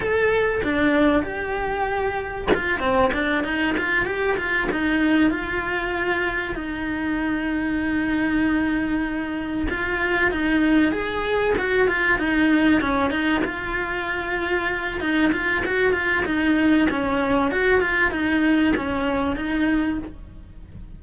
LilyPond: \new Staff \with { instrumentName = "cello" } { \time 4/4 \tempo 4 = 96 a'4 d'4 g'2 | f'8 c'8 d'8 dis'8 f'8 g'8 f'8 dis'8~ | dis'8 f'2 dis'4.~ | dis'2.~ dis'8 f'8~ |
f'8 dis'4 gis'4 fis'8 f'8 dis'8~ | dis'8 cis'8 dis'8 f'2~ f'8 | dis'8 f'8 fis'8 f'8 dis'4 cis'4 | fis'8 f'8 dis'4 cis'4 dis'4 | }